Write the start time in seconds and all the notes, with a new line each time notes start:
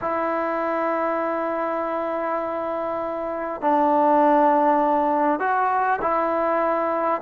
0.01 E4
3.61 D4
5.39 F#4
6.01 E4